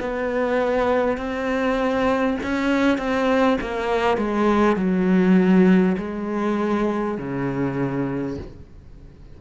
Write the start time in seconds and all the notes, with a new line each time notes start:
0.00 B3
1.17 C4
2.43 C#4
2.98 C4
3.61 A#3
4.17 G#3
4.76 F#3
5.98 G#3
7.18 C#3